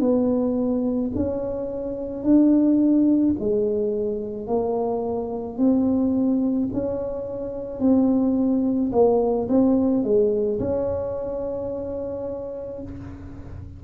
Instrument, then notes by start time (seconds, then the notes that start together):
tuba
0.00 B3
1.15 C#4
2.23 D4
3.39 G#3
4.47 A#3
5.58 C4
6.73 C#4
7.80 C4
8.92 A#3
9.48 C4
10.03 G#3
10.59 C#4